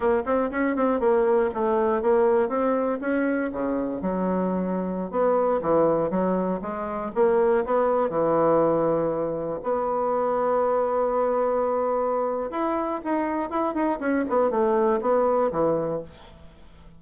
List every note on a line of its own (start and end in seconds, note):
0.00 0.22 A#3
0.25 0.50 C4
0.50 0.75 C#4
0.76 1.00 C4
1.00 1.50 A#3
1.54 2.01 A3
2.01 2.48 A#3
2.48 2.98 C4
3.00 3.50 C#4
3.52 4.01 C#3
4.01 5.10 F#3
5.10 5.60 B3
5.61 6.10 E3
6.10 6.60 F#3
6.61 7.11 G#3
7.14 7.64 A#3
7.65 8.09 B3
8.09 9.59 E3
9.62 12.50 B3
12.50 13.00 E4
13.04 13.50 D#4
13.50 13.74 E4
13.74 13.99 D#4
13.99 14.24 C#4
14.29 14.50 B3
14.50 15.00 A3
15.01 15.51 B3
15.51 16.01 E3